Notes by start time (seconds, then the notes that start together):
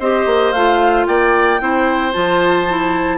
0.00 C4 G4 C5 D#5
0.26 A#3
0.52 A3 F4 F5
1.07 A#3 D5 G5
1.60 C4 E4 C5
2.13 F3 F4 A5
2.69 E4